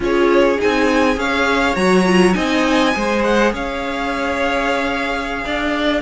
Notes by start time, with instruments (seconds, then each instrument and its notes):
0.00 cello C#4, viola F4, violin G#4 C#5
0.58 cello C4, viola D#4, violin G#5
1.14 cello C#4, viola G#4, violin C#5 F5
1.75 cello F#3, viola F#4, violin A#5
2.06 viola F4
2.33 cello C4, viola D#4, violin D#5 G#5
2.93 cello G#3, viola G#4, violin C5
3.23 violin F#5
3.52 cello C#4, violin C#5 F5
5.45 cello D4, violin D5